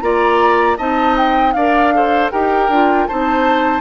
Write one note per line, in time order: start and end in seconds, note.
0.00 0.77 A#3
0.00 0.77 F4
0.00 0.77 D5
0.00 0.76 A#5
0.77 1.54 C4
0.77 1.53 D#4
0.77 1.53 D#5
0.77 1.16 A5
1.17 1.53 G5
1.53 2.30 D4
1.53 1.94 A#4
1.53 1.93 D5
1.53 2.29 F5
1.94 2.32 A4
1.94 2.31 C5
2.31 2.68 D#4
2.31 2.70 G4
2.31 3.07 A#4
2.31 3.06 G5
2.68 3.06 D4
2.68 3.09 F4
3.06 3.80 C4
3.06 3.80 D#4
3.06 3.80 C5
3.06 3.80 A5